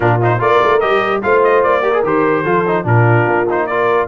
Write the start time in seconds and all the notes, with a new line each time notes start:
0.00 A#2 D4 F4 A#4
0.21 D#4 C5
0.39 A#3 F4 A#4 D5
0.63 A3
0.80 G3 G4 D#5
1.22 A3 F4 C5 F5
1.43 D#5
1.63 A#3 D5
1.82 G4 A#4
1.92 G#4
2.03 D#3 G4 C5
2.42 F3 F4 A4
2.66 D#4
2.84 A#2 D4 F4 A#4
3.26 A#3
3.49 D#4 C5
3.66 F4 A#4 D5